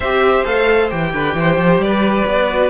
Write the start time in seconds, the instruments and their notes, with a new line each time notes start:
0.00 cello C4, viola G4, violin C5 E5
0.44 cello A3, viola A4, violin F5
0.89 cello E3, viola G4, violin G5
1.13 cello D3, violin B4
1.34 cello E3, violin C5
1.56 cello F3
1.77 cello G3, violin D5
1.84 violin B4
2.27 cello B3
2.49 viola F#4